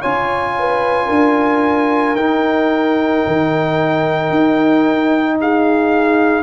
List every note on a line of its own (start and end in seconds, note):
0.00 1.09 C#4
0.00 2.17 F4
0.00 0.54 C#5
0.00 2.16 G#5
0.59 1.07 B4
1.07 2.15 D4
1.07 5.35 A#4
2.15 3.22 D#4
2.15 6.44 D#4
2.15 5.37 G5
3.27 4.30 D#3
4.30 6.44 D#4
5.41 6.44 G#4
5.41 6.44 F5